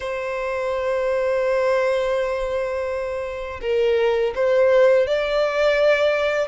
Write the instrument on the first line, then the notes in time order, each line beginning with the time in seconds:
violin
0.00 C5
3.61 A#4
4.35 C5
5.06 D5